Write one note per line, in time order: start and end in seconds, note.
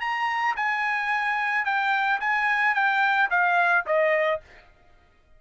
0.00 0.55 A#5
0.56 1.65 G#5
1.65 2.19 G5
2.20 2.74 G#5
2.74 3.29 G5
3.30 3.85 F5
3.86 4.40 D#5